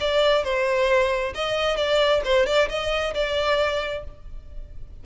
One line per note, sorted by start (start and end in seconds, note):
0.00 0.44 D5
0.44 1.33 C5
1.34 1.76 D#5
1.76 2.21 D5
2.24 2.46 C5
2.46 2.68 D5
2.69 3.14 D#5
3.14 4.04 D5